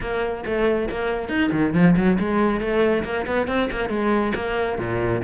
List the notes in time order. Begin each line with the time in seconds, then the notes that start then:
0.00 A#3
0.45 A3
0.89 A#3
1.28 D#4
1.51 D#3
1.73 F3
1.96 F#3
2.19 G#3
2.60 A3
3.04 A#3
3.26 B3
3.47 C4
3.71 A#3
3.89 G#3
4.35 A#3
4.78 A#2